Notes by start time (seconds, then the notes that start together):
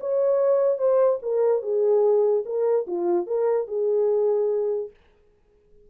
0.00 C#5
0.78 C5
1.22 A#4
1.62 G#4
2.45 A#4
2.87 F4
3.27 A#4
3.68 G#4